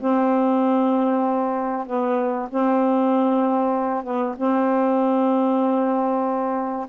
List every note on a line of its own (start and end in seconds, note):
0.00 1.86 C4
1.86 2.49 B3
2.49 4.04 C4
4.04 4.35 B3
4.37 6.87 C4